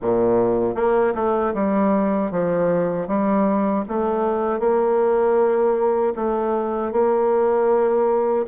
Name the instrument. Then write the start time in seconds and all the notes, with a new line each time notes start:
bassoon
0.01 A#2
0.75 A#3
1.15 A3
1.54 G3
2.31 F3
3.07 G3
3.88 A3
4.59 A#3
6.15 A3
6.92 A#3